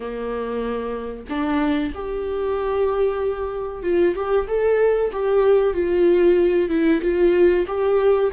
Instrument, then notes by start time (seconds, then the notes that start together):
viola
0.00 A#3
1.29 D4
1.94 G4
3.82 F4
4.15 G4
4.47 A4
5.12 G4
5.73 F4
6.69 E4
7.01 F4
7.67 G4